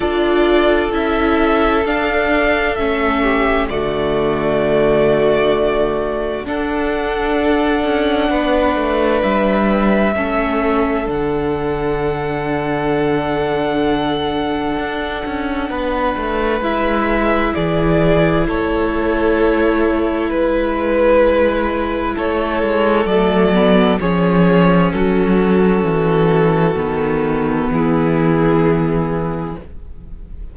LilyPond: <<
  \new Staff \with { instrumentName = "violin" } { \time 4/4 \tempo 4 = 65 d''4 e''4 f''4 e''4 | d''2. fis''4~ | fis''2 e''2 | fis''1~ |
fis''2 e''4 d''4 | cis''2 b'2 | cis''4 d''4 cis''4 a'4~ | a'2 gis'2 | }
  \new Staff \with { instrumentName = "violin" } { \time 4/4 a'2.~ a'8 g'8 | fis'2. a'4~ | a'4 b'2 a'4~ | a'1~ |
a'4 b'2 gis'4 | a'2 b'2 | a'2 gis'4 fis'4~ | fis'2 e'2 | }
  \new Staff \with { instrumentName = "viola" } { \time 4/4 f'4 e'4 d'4 cis'4 | a2. d'4~ | d'2. cis'4 | d'1~ |
d'2 e'2~ | e'1~ | e'4 a8 b8 cis'2~ | cis'4 b2. | }
  \new Staff \with { instrumentName = "cello" } { \time 4/4 d'4 cis'4 d'4 a4 | d2. d'4~ | d'8 cis'8 b8 a8 g4 a4 | d1 |
d'8 cis'8 b8 a8 gis4 e4 | a2 gis2 | a8 gis8 fis4 f4 fis4 | e4 dis4 e2 | }
>>